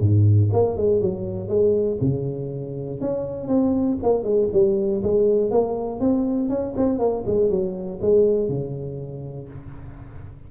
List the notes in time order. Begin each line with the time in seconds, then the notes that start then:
0.00 G#2
0.53 A#3
0.77 G#3
1.01 F#3
1.48 G#3
2.01 C#3
3.01 C#4
3.47 C4
4.02 A#3
4.23 G#3
4.52 G3
5.03 G#3
5.50 A#3
6.00 C4
6.49 C#4
6.77 C4
6.99 A#3
7.26 G#3
7.50 F#3
8.01 G#3
8.48 C#3